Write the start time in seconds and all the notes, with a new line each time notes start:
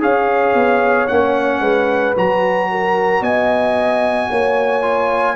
0.00 C#4 G#4 C#5 F5
0.54 B3
1.07 A#3 C#4 F#5
1.60 G#3 B4
2.16 F#3 F#4 A#5
2.71 A#4
3.21 B3 D#5 G#5
4.29 A#3 C#5
4.82 F4